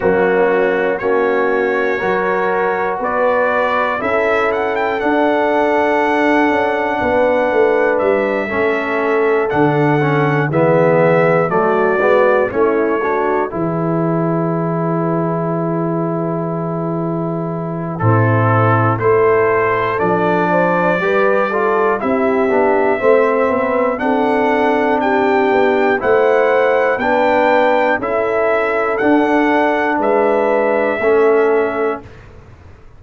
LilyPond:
<<
  \new Staff \with { instrumentName = "trumpet" } { \time 4/4 \tempo 4 = 60 fis'4 cis''2 d''4 | e''8 fis''16 g''16 fis''2. | e''4. fis''4 e''4 d''8~ | d''8 cis''4 b'2~ b'8~ |
b'2 a'4 c''4 | d''2 e''2 | fis''4 g''4 fis''4 g''4 | e''4 fis''4 e''2 | }
  \new Staff \with { instrumentName = "horn" } { \time 4/4 cis'4 fis'4 ais'4 b'4 | a'2. b'4~ | b'8 a'2 gis'4 fis'8~ | fis'8 e'8 fis'8 gis'2~ gis'8~ |
gis'2 e'4 a'4~ | a'8 c''8 b'8 a'8 g'4 c''8 b'8 | a'4 g'4 c''4 b'4 | a'2 b'4 a'4 | }
  \new Staff \with { instrumentName = "trombone" } { \time 4/4 ais4 cis'4 fis'2 | e'4 d'2.~ | d'8 cis'4 d'8 cis'8 b4 a8 | b8 cis'8 d'8 e'2~ e'8~ |
e'2 c'4 e'4 | d'4 g'8 f'8 e'8 d'8 c'4 | d'2 e'4 d'4 | e'4 d'2 cis'4 | }
  \new Staff \with { instrumentName = "tuba" } { \time 4/4 fis4 ais4 fis4 b4 | cis'4 d'4. cis'8 b8 a8 | g8 a4 d4 e4 fis8 | gis8 a4 e2~ e8~ |
e2 a,4 a4 | f4 g4 c'8 b8 a8 b8 | c'4. b8 a4 b4 | cis'4 d'4 gis4 a4 | }
>>